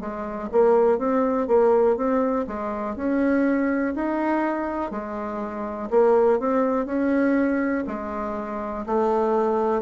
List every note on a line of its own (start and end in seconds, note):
0.00 0.49 G#3
0.51 0.98 A#3
0.98 1.47 C4
1.47 1.96 A#3
1.96 2.45 C4
2.47 2.96 G#3
2.96 3.94 C#4
3.94 4.91 D#4
4.91 5.89 G#3
5.90 6.39 A#3
6.39 6.85 C4
6.85 7.84 C#4
7.87 8.85 G#3
8.86 9.81 A3